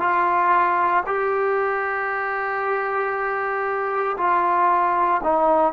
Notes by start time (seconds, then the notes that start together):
0.00 F4
1.07 G4
4.18 F4
5.23 D#4